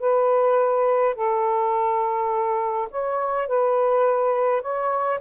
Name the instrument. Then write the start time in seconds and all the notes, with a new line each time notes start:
saxophone
0.00 B4
1.15 A4
2.91 C#5
3.48 B4
4.62 C#5